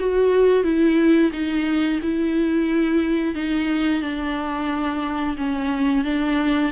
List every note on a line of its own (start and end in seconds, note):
0.00 0.64 F#4
0.64 1.32 E4
1.33 2.00 D#4
2.03 3.36 E4
3.36 4.02 D#4
4.02 5.37 D4
5.37 6.05 C#4
6.05 6.72 D4